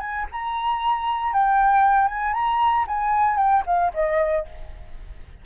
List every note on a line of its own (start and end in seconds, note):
0.00 0.26 G#5
0.32 1.33 A#5
1.33 2.07 G5
2.07 2.33 G#5
2.33 2.85 A#5
2.87 3.37 G#5
3.37 3.63 G5
3.66 3.92 F5
3.93 4.45 D#5